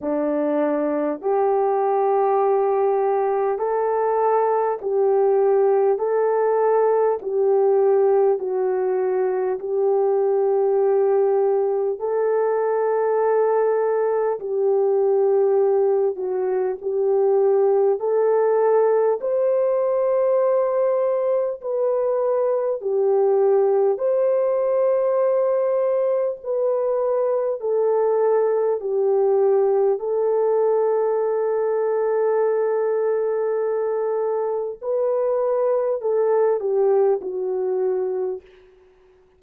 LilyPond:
\new Staff \with { instrumentName = "horn" } { \time 4/4 \tempo 4 = 50 d'4 g'2 a'4 | g'4 a'4 g'4 fis'4 | g'2 a'2 | g'4. fis'8 g'4 a'4 |
c''2 b'4 g'4 | c''2 b'4 a'4 | g'4 a'2.~ | a'4 b'4 a'8 g'8 fis'4 | }